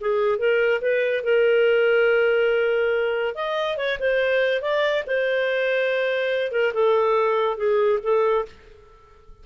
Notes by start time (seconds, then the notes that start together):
0.00 G#4
0.38 A#4
0.81 B4
1.23 A#4
3.35 D#5
3.77 C#5
3.99 C5
4.61 D5
5.06 C5
6.51 A#4
6.73 A4
7.57 G#4
8.03 A4